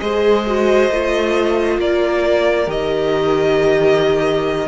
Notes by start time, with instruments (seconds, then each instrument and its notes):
0.00 cello G#3, viola G#4, violin C5 D#5
0.47 viola F#4
0.90 cello A3, viola F4
1.78 cello A#3, violin A#4 D5
2.66 cello D#3, viola G4, violin D#5